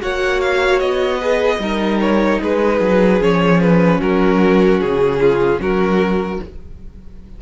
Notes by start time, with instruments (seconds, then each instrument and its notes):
0.00 cello A#3, viola F#4, violin C#5 F#5
0.41 violin F5
0.79 cello B3, violin D#5
1.18 viola G#4, violin B4
1.58 cello G3, viola D#4, violin A#4
2.00 violin C#5
2.42 cello G#3, violin G#4 B4
2.80 cello F#3
3.19 cello F3, viola C#4, violin C#5
3.61 violin B4
3.99 cello F#3, violin F#4 A#4
4.80 cello C#3, violin G#4
5.21 violin F4
5.59 cello F#3, violin F#4 A#4